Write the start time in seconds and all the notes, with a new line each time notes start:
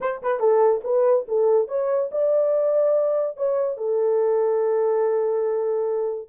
0.01 C5
0.22 B4
0.39 A4
0.84 B4
1.28 A4
1.67 C#5
2.11 D5
3.36 C#5
3.77 A4